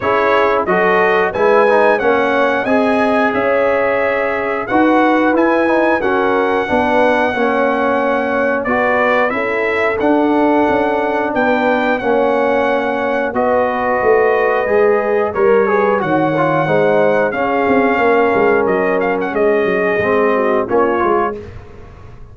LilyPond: <<
  \new Staff \with { instrumentName = "trumpet" } { \time 4/4 \tempo 4 = 90 cis''4 dis''4 gis''4 fis''4 | gis''4 e''2 fis''4 | gis''4 fis''2.~ | fis''4 d''4 e''4 fis''4~ |
fis''4 g''4 fis''2 | dis''2. cis''4 | fis''2 f''2 | dis''8 f''16 fis''16 dis''2 cis''4 | }
  \new Staff \with { instrumentName = "horn" } { \time 4/4 gis'4 a'4 b'4 cis''4 | dis''4 cis''2 b'4~ | b'4 ais'4 b'4 cis''4~ | cis''4 b'4 a'2~ |
a'4 b'4 cis''2 | b'2. ais'8 b'8 | cis''4 c''4 gis'4 ais'4~ | ais'4 gis'4. fis'8 f'4 | }
  \new Staff \with { instrumentName = "trombone" } { \time 4/4 e'4 fis'4 e'8 dis'8 cis'4 | gis'2. fis'4 | e'8 dis'8 cis'4 d'4 cis'4~ | cis'4 fis'4 e'4 d'4~ |
d'2 cis'2 | fis'2 gis'4 ais'8 gis'8 | fis'8 f'8 dis'4 cis'2~ | cis'2 c'4 cis'8 f'8 | }
  \new Staff \with { instrumentName = "tuba" } { \time 4/4 cis'4 fis4 gis4 ais4 | c'4 cis'2 dis'4 | e'4 fis'4 b4 ais4~ | ais4 b4 cis'4 d'4 |
cis'4 b4 ais2 | b4 a4 gis4 g4 | dis4 gis4 cis'8 c'8 ais8 gis8 | fis4 gis8 fis8 gis4 ais8 gis8 | }
>>